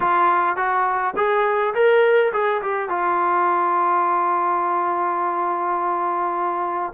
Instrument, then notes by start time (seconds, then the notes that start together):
trombone
0.00 F4
0.56 F#4
1.16 G#4
1.74 A#4
2.32 G#4
2.61 G4
2.89 F4